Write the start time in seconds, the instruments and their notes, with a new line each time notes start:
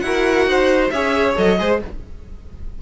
0.00 cello E4, viola F#4, violin F#5
0.06 violin A#4
0.47 cello D#4, violin C5
0.91 cello C#4, viola G#4, violin C#5 E5
1.36 cello F#3, viola A4, violin D#5
1.58 cello G#3, viola G#4, violin C5